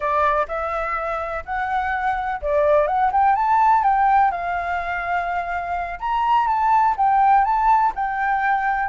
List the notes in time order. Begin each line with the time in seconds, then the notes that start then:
0.00 D5
0.48 E5
1.45 F#5
2.41 D5
2.87 F#5
3.12 G5
3.35 A5
3.83 G5
4.31 F5
5.99 A#5
6.47 A5
6.97 G5
7.44 A5
7.95 G5